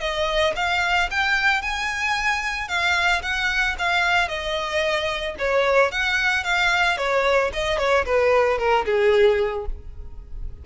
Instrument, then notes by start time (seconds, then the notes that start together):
violin
0.00 D#5
0.56 F5
1.11 G5
1.62 G#5
2.68 F5
3.22 F#5
3.78 F5
4.28 D#5
5.38 C#5
5.91 F#5
6.44 F5
6.97 C#5
7.53 D#5
7.78 C#5
8.05 B4
8.58 A#4
8.85 G#4